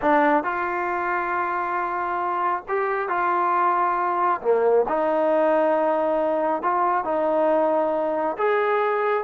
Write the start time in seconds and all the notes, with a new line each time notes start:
0.01 D4
0.43 F4
2.68 G4
3.09 F4
4.41 A#3
4.88 D#4
6.62 F4
7.04 D#4
8.37 G#4